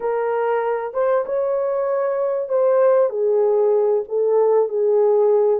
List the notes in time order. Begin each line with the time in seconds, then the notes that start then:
0.00 A#4
0.93 C5
1.25 C#5
2.49 C5
3.09 G#4
4.08 A4
4.68 G#4